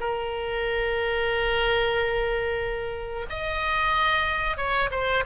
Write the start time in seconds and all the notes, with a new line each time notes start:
0.00 A#4
3.29 D#5
4.57 C#5
4.92 C5